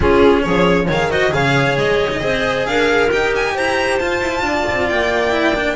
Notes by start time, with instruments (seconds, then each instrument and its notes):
0.00 cello C#4, double bass C#4, clarinet F4, violin G#4
0.43 double bass F3, clarinet G#4, violin C#5
0.85 double bass D#3, cello G#4, clarinet C#5
0.92 violin F5
1.10 cello F#4, clarinet C5, violin D#5
1.30 double bass C#3, cello G#4, clarinet C#5, violin F5
1.77 double bass G#3, violin D#5
2.10 cello D#4
2.20 double bass C4, cello G#4, clarinet C5
2.66 double bass D4, clarinet A#4, violin F5
3.10 double bass D#4, cello G4, violin G5
3.35 violin G#5
3.54 double bass E4, clarinet C5, violin A#5
3.98 double bass F4, cello F4, violin A5
4.20 double bass E4
4.41 double bass D4, clarinet D5
4.70 double bass C4
4.89 double bass A#3, violin G5
5.31 cello E4
5.55 cello D4